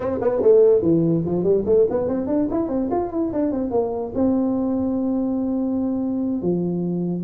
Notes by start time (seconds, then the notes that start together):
0.00 C4
0.21 B3
0.42 A3
0.82 E3
1.25 F3
1.43 G3
1.65 A3
1.89 B3
2.08 C4
2.26 D4
2.50 E4
2.68 C4
2.91 F4
3.11 E4
3.33 D4
3.51 C4
3.71 A#3
4.14 C4
6.41 F3